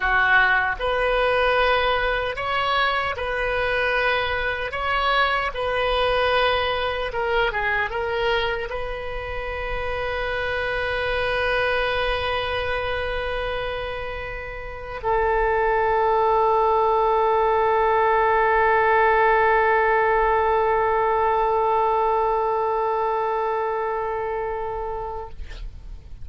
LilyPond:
\new Staff \with { instrumentName = "oboe" } { \time 4/4 \tempo 4 = 76 fis'4 b'2 cis''4 | b'2 cis''4 b'4~ | b'4 ais'8 gis'8 ais'4 b'4~ | b'1~ |
b'2. a'4~ | a'1~ | a'1~ | a'1 | }